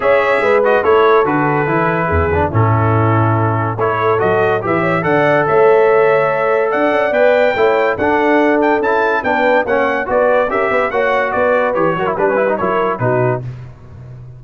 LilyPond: <<
  \new Staff \with { instrumentName = "trumpet" } { \time 4/4 \tempo 4 = 143 e''4. dis''8 cis''4 b'4~ | b'2 a'2~ | a'4 cis''4 dis''4 e''4 | fis''4 e''2. |
fis''4 g''2 fis''4~ | fis''8 g''8 a''4 g''4 fis''4 | d''4 e''4 fis''4 d''4 | cis''4 b'4 cis''4 b'4 | }
  \new Staff \with { instrumentName = "horn" } { \time 4/4 cis''4 b'4 a'2~ | a'4 gis'4 e'2~ | e'4 a'2 b'8 cis''8 | d''4 cis''2. |
d''2 cis''4 a'4~ | a'2 b'4 cis''4 | b'4 ais'8 b'8 cis''4 b'4~ | b'8 ais'8 b'4 ais'4 fis'4 | }
  \new Staff \with { instrumentName = "trombone" } { \time 4/4 gis'4. fis'8 e'4 fis'4 | e'4. d'8 cis'2~ | cis'4 e'4 fis'4 g'4 | a'1~ |
a'4 b'4 e'4 d'4~ | d'4 e'4 d'4 cis'4 | fis'4 g'4 fis'2 | g'8 fis'16 e'16 d'16 cis'16 e'16 dis'16 e'4 dis'4 | }
  \new Staff \with { instrumentName = "tuba" } { \time 4/4 cis'4 gis4 a4 d4 | e4 e,4 a,2~ | a,4 a4 fis4 e4 | d4 a2. |
d'8 cis'8 b4 a4 d'4~ | d'4 cis'4 b4 ais4 | b4 cis'8 b8 ais4 b4 | e8 fis8 g4 fis4 b,4 | }
>>